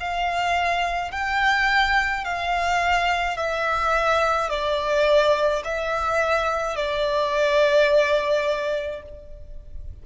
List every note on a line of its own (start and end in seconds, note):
0.00 1.11 F5
1.11 2.24 G5
2.24 3.37 F5
3.37 4.50 E5
4.50 5.63 D5
5.64 6.76 E5
6.76 9.03 D5